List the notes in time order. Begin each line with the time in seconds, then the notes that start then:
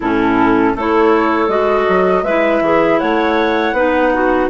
0.00 A2 C#4 E4 A4
0.74 A3 E4 A4 C#5
1.48 G#3 F#4 D#5
1.88 F#3
2.23 G#3 E4 B4 E5
2.61 E3 G#4
2.99 A3 C#5 F#5
3.72 B3 D#4 B4
4.13 F#4